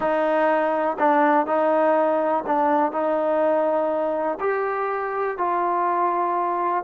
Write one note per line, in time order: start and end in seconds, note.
0.00 0.97 D#4
0.99 1.46 D4
1.46 2.44 D#4
2.46 2.92 D4
2.92 4.38 D#4
4.39 5.37 G4
5.37 6.83 F4